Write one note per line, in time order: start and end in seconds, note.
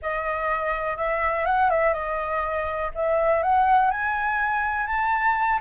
0.01 0.96 D#5
0.96 1.45 E5
1.45 1.70 F#5
1.70 1.93 E5
1.93 2.91 D#5
2.94 3.42 E5
3.42 3.90 F#5
3.90 4.86 G#5
4.86 5.59 A5